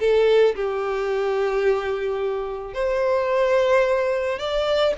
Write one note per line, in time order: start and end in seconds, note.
0.00 0.55 A4
0.56 2.74 G4
2.74 4.39 C5
4.39 4.94 D5